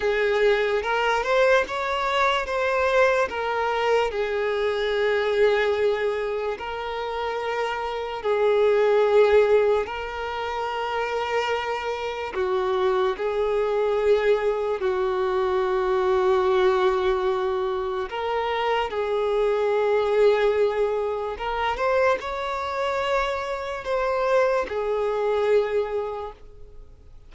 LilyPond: \new Staff \with { instrumentName = "violin" } { \time 4/4 \tempo 4 = 73 gis'4 ais'8 c''8 cis''4 c''4 | ais'4 gis'2. | ais'2 gis'2 | ais'2. fis'4 |
gis'2 fis'2~ | fis'2 ais'4 gis'4~ | gis'2 ais'8 c''8 cis''4~ | cis''4 c''4 gis'2 | }